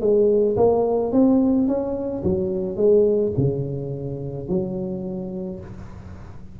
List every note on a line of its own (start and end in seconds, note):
0.00 0.56 G#3
0.56 1.12 A#3
1.12 1.67 C4
1.67 2.23 C#4
2.23 2.76 F#3
2.76 3.32 G#3
3.37 4.48 C#3
4.48 5.59 F#3